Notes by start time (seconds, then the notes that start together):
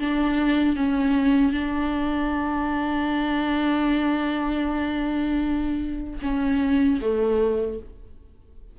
0.00 D4
0.76 C#4
1.52 D4
6.22 C#4
7.01 A3